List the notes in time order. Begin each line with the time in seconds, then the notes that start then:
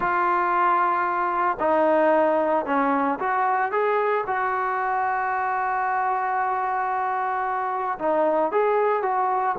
0.00 F4
1.59 D#4
2.65 C#4
3.19 F#4
3.71 G#4
4.26 F#4
7.99 D#4
8.51 G#4
9.02 F#4